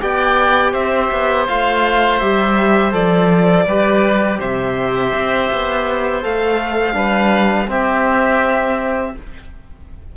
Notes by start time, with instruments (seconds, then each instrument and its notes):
0.00 cello B3, trombone G4, oboe D5, violin G5
0.72 cello C4, oboe C5, violin E5
1.11 cello B3
1.47 cello A3, trombone F4, violin F5
2.19 cello G3, trombone G4, violin E5
2.91 cello F3, trombone A4, violin D5
3.65 cello G3, trombone G4, oboe B4
4.39 cello C3, oboe C5, violin E5
5.12 cello C4
5.52 cello B3
6.22 cello A3, trombone A4, violin F5
6.93 cello G3, trombone D4, oboe B4
7.67 cello C4, trombone C4, oboe G4, violin E5